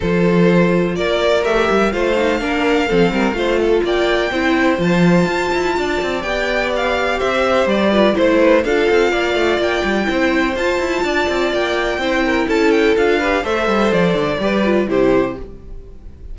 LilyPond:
<<
  \new Staff \with { instrumentName = "violin" } { \time 4/4 \tempo 4 = 125 c''2 d''4 e''4 | f''1 | g''2 a''2~ | a''4 g''4 f''4 e''4 |
d''4 c''4 f''2 | g''2 a''2 | g''2 a''8 g''8 f''4 | e''4 d''2 c''4 | }
  \new Staff \with { instrumentName = "violin" } { \time 4/4 a'2 ais'2 | c''4 ais'4 a'8 ais'8 c''8 a'8 | d''4 c''2. | d''2. c''4~ |
c''8 b'8 c''8 b'8 a'4 d''4~ | d''4 c''2 d''4~ | d''4 c''8 ais'8 a'4. b'8 | c''2 b'4 g'4 | }
  \new Staff \with { instrumentName = "viola" } { \time 4/4 f'2. g'4 | f'8 dis'8 d'4 c'4 f'4~ | f'4 e'4 f'2~ | f'4 g'2.~ |
g'8 f'8 e'4 f'2~ | f'4 e'4 f'2~ | f'4 e'2 f'8 g'8 | a'2 g'8 f'8 e'4 | }
  \new Staff \with { instrumentName = "cello" } { \time 4/4 f2 ais4 a8 g8 | a4 ais4 f8 g8 a4 | ais4 c'4 f4 f'8 e'8 | d'8 c'8 b2 c'4 |
g4 a4 d'8 c'8 ais8 a8 | ais8 g8 c'4 f'8 e'8 d'8 c'8 | ais4 c'4 cis'4 d'4 | a8 g8 f8 d8 g4 c4 | }
>>